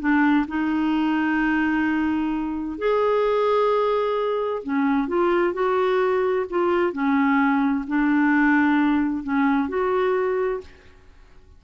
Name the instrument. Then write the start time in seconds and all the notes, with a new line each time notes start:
clarinet
0.00 D4
0.48 D#4
2.78 G#4
4.63 C#4
5.08 F4
5.54 F#4
6.50 F4
6.93 C#4
7.88 D4
9.24 C#4
9.69 F#4